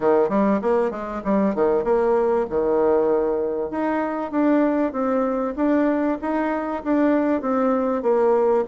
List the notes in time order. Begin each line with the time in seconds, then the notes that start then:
0.00 D#3
0.29 G3
0.61 A#3
0.90 G#3
1.24 G3
1.54 D#3
1.84 A#3
2.49 D#3
3.70 D#4
4.31 D4
4.92 C4
5.56 D4
6.21 D#4
6.83 D4
7.41 C4
8.02 A#3